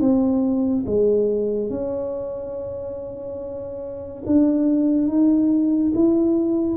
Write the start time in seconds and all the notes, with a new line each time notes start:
0.00 C4
0.86 G#3
1.70 C#4
4.26 D4
5.08 D#4
5.95 E4